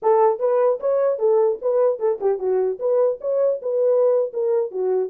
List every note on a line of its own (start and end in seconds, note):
0.02 0.39 A4
0.39 0.79 B4
0.80 1.19 C#5
1.19 1.59 A4
1.61 1.99 B4
1.99 2.19 A4
2.20 2.38 G4
2.38 2.78 F#4
2.79 3.19 B4
3.21 3.61 C#5
3.61 4.31 B4
4.33 4.71 A#4
4.71 5.09 F#4